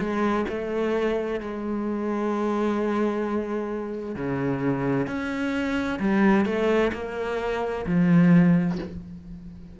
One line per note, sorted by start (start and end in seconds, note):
0.00 0.46 G#3
0.49 1.41 A3
1.41 4.16 G#3
4.16 5.07 C#3
5.07 6.00 C#4
6.00 6.46 G3
6.46 6.92 A3
6.94 7.86 A#3
7.87 8.79 F3